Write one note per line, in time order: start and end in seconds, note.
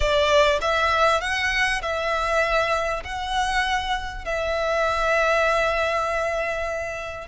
0.00 0.59 D5
0.61 1.20 E5
1.20 1.81 F#5
1.82 3.03 E5
3.04 4.24 F#5
4.24 7.27 E5